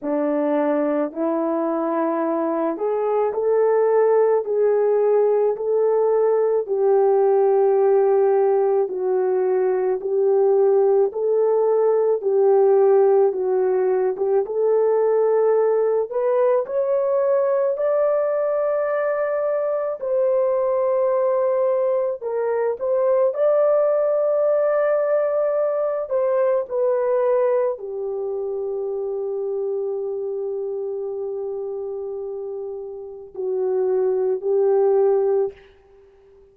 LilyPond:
\new Staff \with { instrumentName = "horn" } { \time 4/4 \tempo 4 = 54 d'4 e'4. gis'8 a'4 | gis'4 a'4 g'2 | fis'4 g'4 a'4 g'4 | fis'8. g'16 a'4. b'8 cis''4 |
d''2 c''2 | ais'8 c''8 d''2~ d''8 c''8 | b'4 g'2.~ | g'2 fis'4 g'4 | }